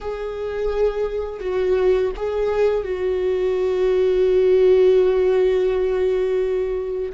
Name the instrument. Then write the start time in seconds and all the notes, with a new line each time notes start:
viola
0.00 G#4
1.40 F#4
2.16 G#4
2.83 F#4